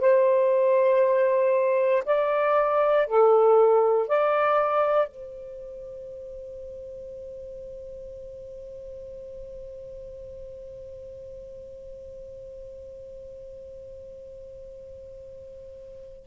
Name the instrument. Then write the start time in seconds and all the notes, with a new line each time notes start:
saxophone
0.00 C5
2.05 D5
3.07 A4
4.08 D5
5.08 C5